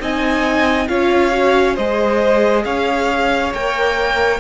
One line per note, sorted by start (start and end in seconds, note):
0.00 0.89 C4
0.00 0.88 D#4
0.00 0.89 D#5
0.00 0.88 G#5
0.88 1.78 C#4
0.88 1.32 F4
0.88 1.75 C#5
0.88 1.76 F5
1.32 1.76 F#4
1.75 2.65 G#3
1.75 3.55 G#4
1.75 2.63 C5
1.75 2.65 D#5
2.65 3.54 C#4
2.65 4.40 C#5
2.65 3.53 F5
3.54 4.40 A#3
3.54 4.40 A#4
3.54 4.40 G5